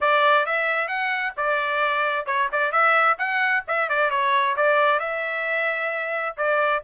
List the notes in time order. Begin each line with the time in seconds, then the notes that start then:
0.00 D5
0.45 E5
0.88 F#5
1.36 D5
2.26 C#5
2.51 D5
2.71 E5
3.18 F#5
3.67 E5
3.89 D5
4.10 C#5
4.56 D5
4.99 E5
6.37 D5